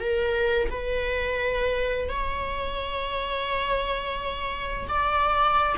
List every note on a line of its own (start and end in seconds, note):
0.00 0.70 A#4
0.70 2.09 B4
2.09 4.88 C#5
4.88 5.76 D5